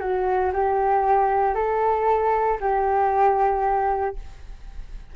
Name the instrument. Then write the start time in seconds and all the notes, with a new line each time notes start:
flute
0.00 F#4
0.54 G4
1.55 A4
2.61 G4